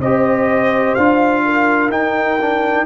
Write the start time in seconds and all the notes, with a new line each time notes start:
0.00 C4 G4 C5 D#5
0.95 D4 F4 F5
1.45 A#4
1.88 D#4 G5
2.41 D4